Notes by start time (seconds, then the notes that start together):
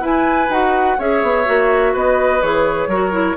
0.00 E4 B4 G#5
0.49 D#4 F#4 F#5
0.98 C#4 G#4 C#5 E5
1.23 B3
1.45 A#3 F#4
1.93 B3 B4 D#5
2.42 E3 G#4 C#5
2.87 F#3 F#4 A#4
3.12 E4